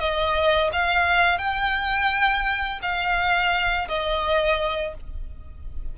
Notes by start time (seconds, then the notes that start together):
0.00 D#5
0.73 F5
1.38 G5
2.82 F5
3.88 D#5